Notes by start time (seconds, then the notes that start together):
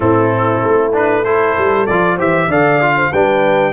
0.00 A2 C4 E4 A4
0.63 A3
0.93 D4 B4
1.24 E4 A4 C5
1.57 G3
1.86 F3 F4 D5
2.16 E3 G4 C5 E5
2.47 D3 A4 D5 F5
2.81 F4
2.95 C5
3.11 G3 D4 B4 G5